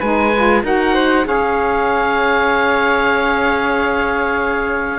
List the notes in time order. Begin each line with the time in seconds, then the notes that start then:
0.00 G#3 D#4 B4 G#5
0.36 F4
0.64 D#4 F#4 A#4 F#5
0.94 C5
1.24 C#4 G#4 C#5 F5